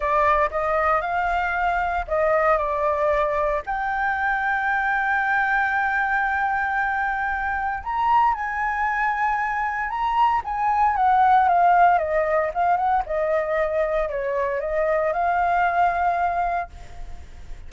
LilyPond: \new Staff \with { instrumentName = "flute" } { \time 4/4 \tempo 4 = 115 d''4 dis''4 f''2 | dis''4 d''2 g''4~ | g''1~ | g''2. ais''4 |
gis''2. ais''4 | gis''4 fis''4 f''4 dis''4 | f''8 fis''8 dis''2 cis''4 | dis''4 f''2. | }